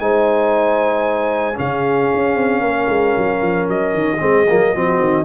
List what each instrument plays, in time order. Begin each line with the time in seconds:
0.00 tuba G#3, trombone D#4, horn C5, trumpet G#5
1.54 tuba C#3, trombone C#4, horn G#4, trumpet F5
2.14 tuba C#4
2.36 tuba C4
2.62 tuba A#3, horn A#4
2.89 tuba G#3
3.18 tuba F#3
3.42 tuba F3
3.69 tuba F#3, trumpet D#5
3.94 tuba D#3
4.20 tuba G#3, trombone C4, horn G#4
4.49 tuba F#3, trombone A#3
4.74 tuba F3, trombone C4, horn F#4
5.00 tuba D#3